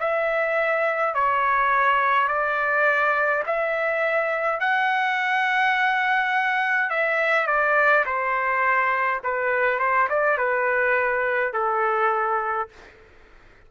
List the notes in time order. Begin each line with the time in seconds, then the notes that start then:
0.00 E5
1.14 C#5
2.28 D5
3.47 E5
4.60 F#5
6.90 E5
7.47 D5
8.06 C5
9.24 B4
9.79 C5
10.09 D5
10.38 B4
11.53 A4